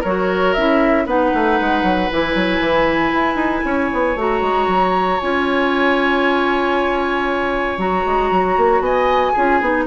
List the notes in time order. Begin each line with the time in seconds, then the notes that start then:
0.00 F#3 F#4 A#4 C#5
0.54 C#4 E4 E5
1.05 B3 D#4 B4 F#5
1.34 A3
1.60 G#3
1.83 F#3
2.11 E3 E4 G#5
2.35 F#3
2.59 E3
3.13 E4
3.35 D#4
3.65 C#4 C#5
3.93 B3
4.16 A3 F#4 A#5
4.41 G#3
4.67 F#3
5.20 C#4 F4 G#5
7.78 F#3 F#4 A#5
8.05 G#3
8.31 F#3
8.57 A#3
8.80 B3 D#5 G#5
9.32 C#4 F4 G#4
9.61 B3 D#4